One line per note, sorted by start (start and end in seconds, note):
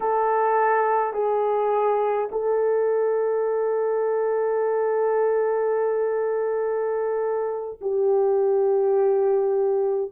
0.00 1.13 A4
1.13 2.28 G#4
2.31 7.79 A4
7.81 10.11 G4